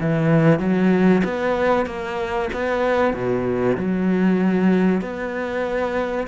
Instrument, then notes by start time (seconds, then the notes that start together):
cello
0.00 E3
0.59 F#3
1.24 B3
1.86 A#3
2.53 B3
3.13 B2
3.77 F#3
5.01 B3